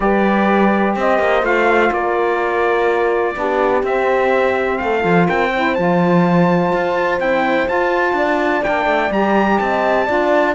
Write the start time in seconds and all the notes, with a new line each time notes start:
0.00 G3 G4 B4 D5
0.95 C4 C5 D#5
1.18 A#3
1.41 A3 F4 F5
1.91 A#3 A#4 D5
3.34 B3 D4 G4
3.82 C4 E5
4.77 A3 A4 F5
5.00 F3 F4
5.27 C4 A#4 G5
5.53 E4 C5
5.74 F3 F4 A5
6.72 F4
7.19 C4 E4 G5
7.66 F4 A5
8.13 D4 D5
8.62 A#3 D4 G5
8.85 A3
9.11 G3 G4 A#5
9.58 C4 D#5 A5
10.06 D4 F4 D5